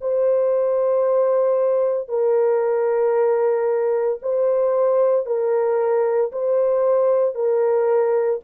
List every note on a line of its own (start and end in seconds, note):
0.00 2.08 C5
2.08 4.18 A#4
4.22 5.25 C5
5.25 6.31 A#4
6.32 7.34 C5
7.34 8.40 A#4